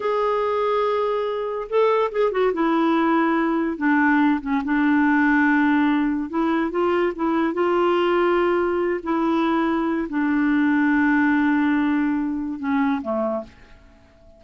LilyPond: \new Staff \with { instrumentName = "clarinet" } { \time 4/4 \tempo 4 = 143 gis'1 | a'4 gis'8 fis'8 e'2~ | e'4 d'4. cis'8 d'4~ | d'2. e'4 |
f'4 e'4 f'2~ | f'4. e'2~ e'8 | d'1~ | d'2 cis'4 a4 | }